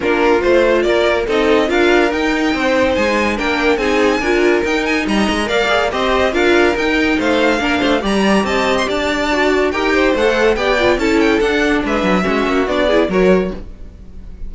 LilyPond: <<
  \new Staff \with { instrumentName = "violin" } { \time 4/4 \tempo 4 = 142 ais'4 c''4 d''4 dis''4 | f''4 g''2 gis''4 | g''4 gis''2 g''8 gis''8 | ais''4 f''4 dis''4 f''4 |
g''4 f''2 ais''4 | a''8. c'''16 a''2 g''4 | fis''4 g''4 a''8 g''8 fis''4 | e''2 d''4 cis''4 | }
  \new Staff \with { instrumentName = "violin" } { \time 4/4 f'2 ais'4 a'4 | ais'2 c''2 | ais'4 gis'4 ais'2 | dis''4 d''4 c''4 ais'4~ |
ais'4 c''4 ais'8 c''8 d''4 | dis''4 d''2 ais'8 c''8~ | c''4 d''4 a'2 | b'4 fis'4. gis'8 ais'4 | }
  \new Staff \with { instrumentName = "viola" } { \time 4/4 d'4 f'2 dis'4 | f'4 dis'2. | d'4 dis'4 f'4 dis'4~ | dis'4 ais'8 gis'8 g'4 f'4 |
dis'2 d'4 g'4~ | g'2 fis'4 g'4 | a'4 g'8 f'8 e'4 d'4~ | d'4 cis'4 d'8 e'8 fis'4 | }
  \new Staff \with { instrumentName = "cello" } { \time 4/4 ais4 a4 ais4 c'4 | d'4 dis'4 c'4 gis4 | ais4 c'4 d'4 dis'4 | g8 gis8 ais4 c'4 d'4 |
dis'4 a4 ais8 a8 g4 | c'4 d'2 dis'4 | a4 b4 cis'4 d'4 | gis8 fis8 gis8 ais8 b4 fis4 | }
>>